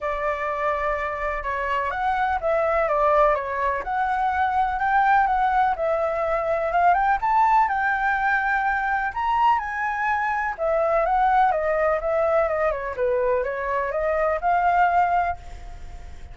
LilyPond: \new Staff \with { instrumentName = "flute" } { \time 4/4 \tempo 4 = 125 d''2. cis''4 | fis''4 e''4 d''4 cis''4 | fis''2 g''4 fis''4 | e''2 f''8 g''8 a''4 |
g''2. ais''4 | gis''2 e''4 fis''4 | dis''4 e''4 dis''8 cis''8 b'4 | cis''4 dis''4 f''2 | }